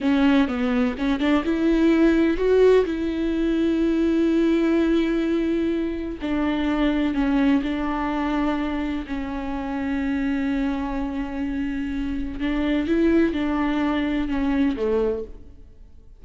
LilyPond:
\new Staff \with { instrumentName = "viola" } { \time 4/4 \tempo 4 = 126 cis'4 b4 cis'8 d'8 e'4~ | e'4 fis'4 e'2~ | e'1~ | e'4 d'2 cis'4 |
d'2. cis'4~ | cis'1~ | cis'2 d'4 e'4 | d'2 cis'4 a4 | }